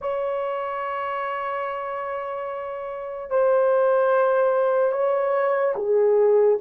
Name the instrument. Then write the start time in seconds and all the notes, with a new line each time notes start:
horn
0.01 C#5
3.30 C5
4.92 C#5
5.76 G#4